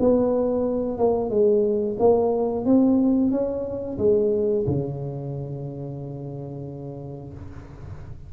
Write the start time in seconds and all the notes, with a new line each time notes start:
0.00 B3
0.98 A#3
1.30 G#3
1.99 A#3
2.65 C4
3.32 C#4
3.98 G#3
4.67 C#3